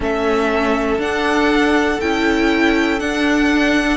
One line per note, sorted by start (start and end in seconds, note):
0.00 0.98 A3
0.00 0.99 C#4
0.00 3.97 A4
0.00 1.00 E5
0.98 1.98 D4
0.98 1.99 D4
0.98 2.00 F#5
2.00 3.00 C#4
2.00 3.00 E4
2.00 2.99 G5
2.99 3.97 D4
2.99 3.97 F#5